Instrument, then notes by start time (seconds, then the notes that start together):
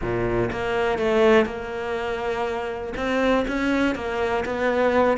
cello
0.01 A#2
0.51 A#3
0.98 A3
1.45 A#3
2.96 C4
3.47 C#4
3.95 A#3
4.45 B3